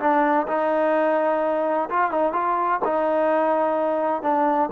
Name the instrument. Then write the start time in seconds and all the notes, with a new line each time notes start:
trombone
0.00 D4
0.48 D#4
1.90 F4
2.12 D#4
2.33 F4
2.85 D#4
4.23 D4